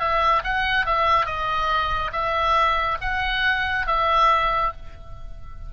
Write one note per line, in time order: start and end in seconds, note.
0.00 0.43 E5
0.44 0.86 F#5
0.86 1.26 E5
1.26 2.12 D#5
2.13 2.98 E5
3.01 3.87 F#5
3.87 4.73 E5